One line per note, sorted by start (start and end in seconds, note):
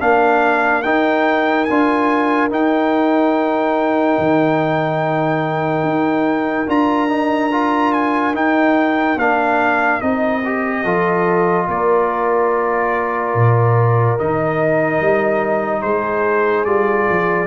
0.00 0.85 A#3
0.00 0.83 D4
0.00 10.83 A#4
0.00 0.82 F5
0.82 1.68 D#4
0.82 1.65 G5
1.65 2.50 D4
1.65 2.50 F4
1.65 2.48 G#5
2.50 6.67 D#4
2.50 4.17 D#4
2.50 6.69 G5
4.18 5.83 D#3
5.83 6.66 D#4
6.68 8.34 D4
6.68 7.09 F4
6.68 7.93 A#5
7.09 7.51 D#4
7.52 8.34 F4
7.93 8.34 G#5
8.34 9.17 D#4
8.34 9.16 D#4
8.34 9.19 G5
9.16 9.99 A#3
9.16 10.01 D4
9.16 10.01 F5
10.01 10.84 C4
10.01 10.42 D#4
10.01 11.68 D#5
10.45 10.85 G4
10.83 11.68 F3
10.83 14.19 F4
10.83 11.67 A4
11.67 13.34 A#3
11.67 15.83 A#4
11.67 14.19 D5
13.34 14.18 A#2
14.19 15.01 D#3
14.19 16.66 D#4
14.19 15.82 D#5
15.01 15.84 G3
15.82 16.65 G#3
15.82 17.47 G#4
15.82 16.65 C5
16.65 17.07 G3
16.65 17.47 F4
16.65 17.47 D5
17.10 17.47 F3